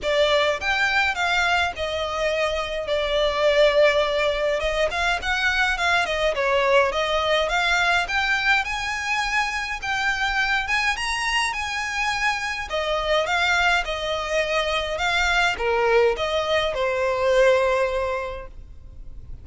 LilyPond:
\new Staff \with { instrumentName = "violin" } { \time 4/4 \tempo 4 = 104 d''4 g''4 f''4 dis''4~ | dis''4 d''2. | dis''8 f''8 fis''4 f''8 dis''8 cis''4 | dis''4 f''4 g''4 gis''4~ |
gis''4 g''4. gis''8 ais''4 | gis''2 dis''4 f''4 | dis''2 f''4 ais'4 | dis''4 c''2. | }